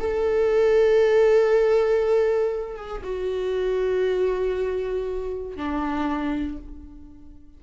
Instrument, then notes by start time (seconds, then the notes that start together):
viola
0.00 A4
2.77 G#4
3.04 F#4
5.57 D4